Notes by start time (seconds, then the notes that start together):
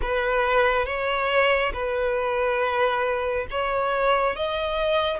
0.01 B4
0.85 C#5
1.73 B4
3.51 C#5
4.36 D#5